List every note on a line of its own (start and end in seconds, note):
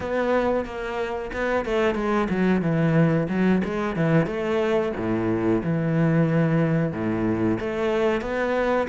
0.00 0.65 B3
0.65 1.31 A#3
1.32 1.65 B3
1.65 1.95 A3
1.95 2.27 G#3
2.29 2.61 F#3
2.61 3.27 E3
3.28 3.61 F#3
3.64 3.96 G#3
3.96 4.26 E3
4.26 4.92 A3
4.96 5.62 A2
5.63 6.92 E3
6.92 7.58 A2
7.59 8.21 A3
8.21 8.87 B3